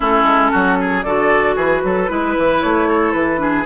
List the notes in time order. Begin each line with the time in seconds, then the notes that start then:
0.00 A3 C#4 E4 A4
0.23 G#3
0.51 F#3 F#4
0.80 G#4
1.02 D3 F#4 A4 D5
1.55 E3 G#4 B4
1.83 F#3 A4
2.08 G#3 E4 B4
2.37 E3
2.61 A3 C#5
2.88 A4
3.12 E3 B4
3.37 D4 G#4